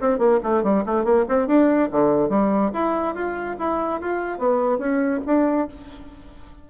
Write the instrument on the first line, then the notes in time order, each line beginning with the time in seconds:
bassoon
0.00 C4
0.18 A#3
0.43 A3
0.63 G3
0.85 A3
1.04 A#3
1.28 C4
1.47 D4
1.91 D3
2.29 G3
2.73 E4
3.14 F4
3.58 E4
4.00 F4
4.38 B3
4.78 C#4
5.26 D4